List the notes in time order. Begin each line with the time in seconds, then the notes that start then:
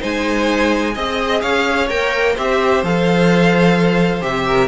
0.00 G#3 D#4 C5 G#5
0.94 C4 G#4 D#5
1.42 C#4 C#5 F5
1.89 A#3 A#4 G5
2.34 C4 G4 C5 E5
2.83 F3 A4 F5
4.21 C3 G4 E5
4.47 A#4